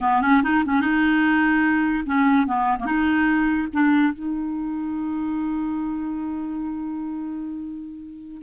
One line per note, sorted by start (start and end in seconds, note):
0.01 0.21 B3
0.21 0.42 C#4
0.43 0.64 D#4
0.65 0.80 C#4
0.80 2.03 D#4
2.05 2.46 C#4
2.46 2.77 B3
2.79 2.85 A#3
2.85 3.68 D#4
3.73 4.13 D4
4.13 8.42 D#4